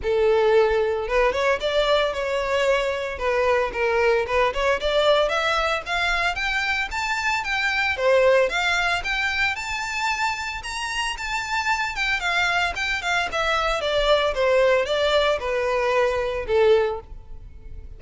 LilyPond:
\new Staff \with { instrumentName = "violin" } { \time 4/4 \tempo 4 = 113 a'2 b'8 cis''8 d''4 | cis''2 b'4 ais'4 | b'8 cis''8 d''4 e''4 f''4 | g''4 a''4 g''4 c''4 |
f''4 g''4 a''2 | ais''4 a''4. g''8 f''4 | g''8 f''8 e''4 d''4 c''4 | d''4 b'2 a'4 | }